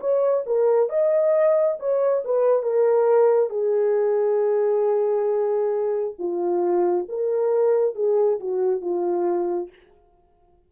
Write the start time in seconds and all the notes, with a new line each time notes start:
0.00 C#5
0.46 A#4
0.89 D#5
1.79 C#5
2.24 B4
2.62 A#4
3.50 G#4
6.18 F4
7.08 A#4
7.95 G#4
8.39 F#4
8.81 F4